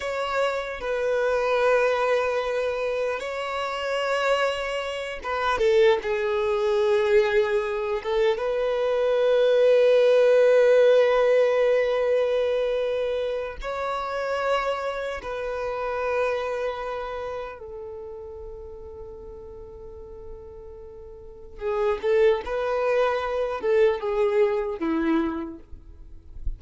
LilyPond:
\new Staff \with { instrumentName = "violin" } { \time 4/4 \tempo 4 = 75 cis''4 b'2. | cis''2~ cis''8 b'8 a'8 gis'8~ | gis'2 a'8 b'4.~ | b'1~ |
b'4 cis''2 b'4~ | b'2 a'2~ | a'2. gis'8 a'8 | b'4. a'8 gis'4 e'4 | }